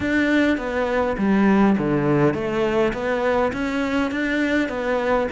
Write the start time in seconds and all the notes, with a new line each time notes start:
0.00 D4
0.57 B3
1.17 G3
1.78 D3
2.33 A3
2.93 B3
3.52 C#4
4.11 D4
4.68 B3